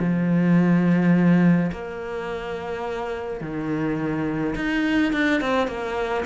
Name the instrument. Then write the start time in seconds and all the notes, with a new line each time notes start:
cello
0.00 F3
1.72 A#3
3.41 D#3
4.56 D#4
5.13 D4
5.42 C4
5.68 A#3